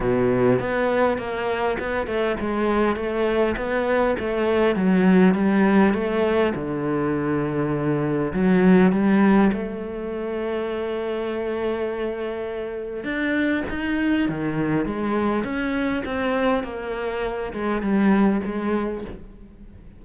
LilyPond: \new Staff \with { instrumentName = "cello" } { \time 4/4 \tempo 4 = 101 b,4 b4 ais4 b8 a8 | gis4 a4 b4 a4 | fis4 g4 a4 d4~ | d2 fis4 g4 |
a1~ | a2 d'4 dis'4 | dis4 gis4 cis'4 c'4 | ais4. gis8 g4 gis4 | }